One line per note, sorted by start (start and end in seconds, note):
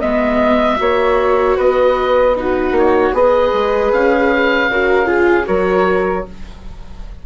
0.00 0.80 G#3
0.00 0.77 B3
0.00 0.78 D#5
0.00 1.57 E5
0.77 1.58 A#3
0.77 2.33 F#4
0.77 1.57 C#5
1.57 2.71 B3
1.57 2.35 B4
1.57 2.37 D#5
2.36 3.13 D#4
2.36 3.15 F#4
2.36 2.78 B4
2.71 3.10 A#3
2.78 3.16 C#5
3.13 3.52 B3
3.13 4.69 G#4
3.13 4.70 B4
3.13 3.93 D#5
3.53 3.92 G#3
3.93 4.69 C#4
3.93 5.47 F5
4.69 5.46 C#3
4.69 5.06 F#4
4.69 5.07 A#4
5.06 5.44 F4
5.06 5.46 G#4
5.45 6.26 F#3
5.45 6.23 F#4
5.45 6.25 A#4
5.45 6.25 C#5